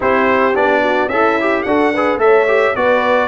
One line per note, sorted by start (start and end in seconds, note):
0.00 0.56 C4
0.00 0.54 E4
0.00 0.82 G4
0.00 0.56 C5
0.54 1.08 B3
0.54 1.09 D4
0.54 1.08 D5
0.82 1.09 F#4
1.08 1.63 C#4
1.08 1.65 E4
1.08 1.40 A4
1.08 1.62 E5
1.40 1.66 G4
1.62 2.17 D4
1.62 1.94 F#4
1.62 1.93 A4
1.62 2.18 F#5
1.93 2.19 G#4
1.93 2.21 B4
2.17 2.72 A3
2.17 2.46 A4
2.17 2.75 E5
2.23 2.76 C#5
2.47 2.75 G4
2.75 3.27 B3
2.75 3.27 F#4
2.75 3.27 B4
2.75 3.27 D5